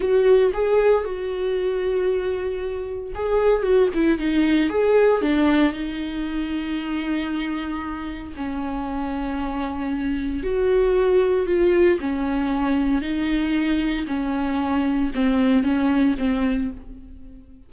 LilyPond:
\new Staff \with { instrumentName = "viola" } { \time 4/4 \tempo 4 = 115 fis'4 gis'4 fis'2~ | fis'2 gis'4 fis'8 e'8 | dis'4 gis'4 d'4 dis'4~ | dis'1 |
cis'1 | fis'2 f'4 cis'4~ | cis'4 dis'2 cis'4~ | cis'4 c'4 cis'4 c'4 | }